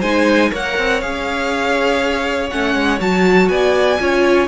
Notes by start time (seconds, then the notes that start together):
0.00 G#3 D#4 C5 G#5
0.51 A#3 A#4 C#5 F#5
0.78 C4
1.01 C#4 G#4 F5
2.50 A3 C#4 F#5
2.75 G#3
3.00 F#3 F#4 A5
3.49 B3 D5 G#5
4.00 C#4 F4 C#5